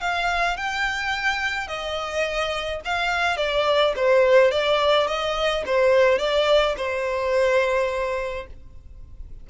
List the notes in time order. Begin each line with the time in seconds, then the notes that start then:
0.00 F5
0.57 G5
1.67 D#5
2.85 F5
3.37 D5
3.96 C5
4.51 D5
5.07 D#5
5.66 C5
6.18 D5
6.77 C5